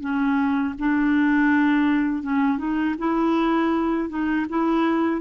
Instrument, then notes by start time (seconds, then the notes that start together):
clarinet
0.00 C#4
0.79 D4
2.23 C#4
2.58 D#4
2.98 E4
4.09 D#4
4.49 E4